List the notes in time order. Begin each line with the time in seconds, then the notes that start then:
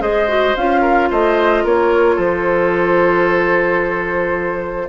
0.00 G#3 G#4 C5 D#5
0.28 F#4
0.56 C#4 F4 F5
0.81 A#4
1.10 A3 C5 D#5
1.64 A#3 A#4 C#5
2.15 F3 A4 C5